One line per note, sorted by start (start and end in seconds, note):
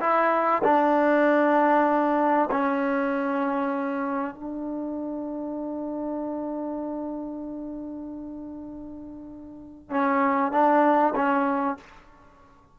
0.00 0.62 E4
0.64 2.49 D4
2.51 4.34 C#4
4.34 9.90 D4
9.90 10.52 C#4
10.52 11.14 D4
11.15 11.77 C#4